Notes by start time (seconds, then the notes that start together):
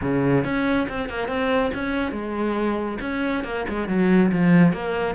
0.01 C#3
0.44 C#4
0.88 C4
1.09 A#3
1.28 C4
1.73 C#4
2.11 G#3
3.00 C#4
3.44 A#3
3.68 G#3
3.88 F#3
4.31 F3
4.72 A#3